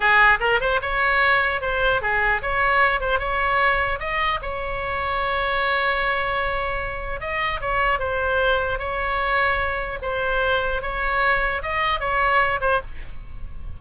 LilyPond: \new Staff \with { instrumentName = "oboe" } { \time 4/4 \tempo 4 = 150 gis'4 ais'8 c''8 cis''2 | c''4 gis'4 cis''4. c''8 | cis''2 dis''4 cis''4~ | cis''1~ |
cis''2 dis''4 cis''4 | c''2 cis''2~ | cis''4 c''2 cis''4~ | cis''4 dis''4 cis''4. c''8 | }